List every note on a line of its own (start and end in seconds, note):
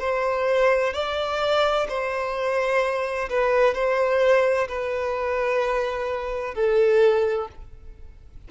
0.00 0.93 C5
0.93 1.87 D5
1.89 3.29 C5
3.30 3.74 B4
3.74 4.68 C5
4.68 6.55 B4
6.55 7.48 A4